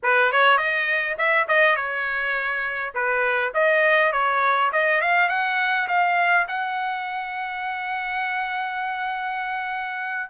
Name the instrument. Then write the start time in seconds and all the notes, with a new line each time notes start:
trumpet
0.03 B4
0.32 C#5
0.57 D#5
1.17 E5
1.48 D#5
1.76 C#5
2.94 B4
3.54 D#5
4.12 C#5
4.72 D#5
5.01 F5
5.28 F#5
5.88 F5
6.48 F#5